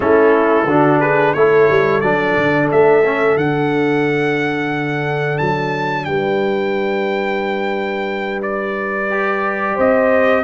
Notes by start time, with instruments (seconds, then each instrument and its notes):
0.00 tuba A3, trombone C#4, horn E4, trumpet A4
0.65 tuba D3, trombone D4, horn F#4
1.00 horn G#4, trumpet B4
1.33 tuba A3, trombone E4, horn A4, trumpet C#5
1.70 tuba G3
2.00 tuba F#3, trombone D4, trumpet D5
2.36 tuba D3
2.71 tuba A3, trumpet E5
3.04 trombone C#4
3.37 tuba D3, trombone D4, trumpet F#5
5.38 tuba F#3, trumpet A5
6.04 tuba G3, horn B4, trumpet G5
8.42 trumpet D5
9.09 trombone G4
9.74 tuba C4, horn C5, trumpet D#5